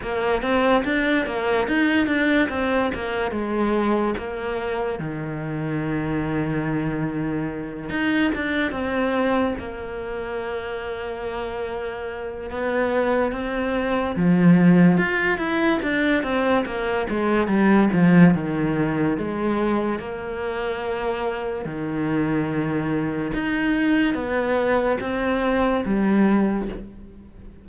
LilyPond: \new Staff \with { instrumentName = "cello" } { \time 4/4 \tempo 4 = 72 ais8 c'8 d'8 ais8 dis'8 d'8 c'8 ais8 | gis4 ais4 dis2~ | dis4. dis'8 d'8 c'4 ais8~ | ais2. b4 |
c'4 f4 f'8 e'8 d'8 c'8 | ais8 gis8 g8 f8 dis4 gis4 | ais2 dis2 | dis'4 b4 c'4 g4 | }